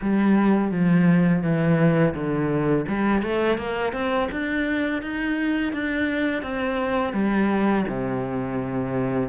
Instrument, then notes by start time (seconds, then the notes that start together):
cello
0.01 G3
0.71 F3
1.42 E3
2.14 D3
2.88 G3
3.22 A3
3.57 A#3
3.93 C4
4.31 D4
5.02 D#4
5.72 D4
6.42 C4
7.13 G3
7.88 C3